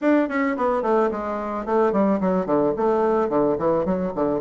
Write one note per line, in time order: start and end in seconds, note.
0.01 0.28 D4
0.28 0.56 C#4
0.57 0.82 B3
0.82 1.09 A3
1.11 1.65 G#3
1.65 1.92 A3
1.92 2.19 G3
2.20 2.45 F#3
2.45 2.73 D3
2.76 3.29 A3
3.29 3.56 D3
3.58 3.85 E3
3.85 4.12 F#3
4.15 4.40 D3